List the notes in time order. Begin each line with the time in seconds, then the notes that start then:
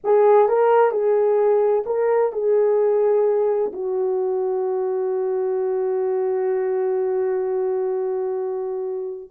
0.04 G#4
0.48 A#4
0.91 G#4
1.86 A#4
2.32 G#4
3.72 F#4